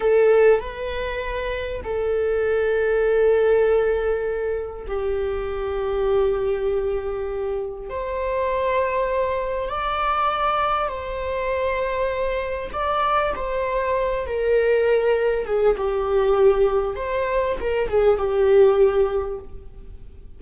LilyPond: \new Staff \with { instrumentName = "viola" } { \time 4/4 \tempo 4 = 99 a'4 b'2 a'4~ | a'1 | g'1~ | g'4 c''2. |
d''2 c''2~ | c''4 d''4 c''4. ais'8~ | ais'4. gis'8 g'2 | c''4 ais'8 gis'8 g'2 | }